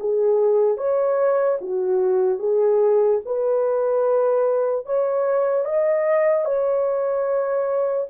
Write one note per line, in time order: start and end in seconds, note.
0.00 0.77 G#4
0.77 1.58 C#5
1.61 2.39 F#4
2.39 3.20 G#4
3.25 4.86 B4
4.86 5.65 C#5
5.65 6.45 D#5
6.45 8.07 C#5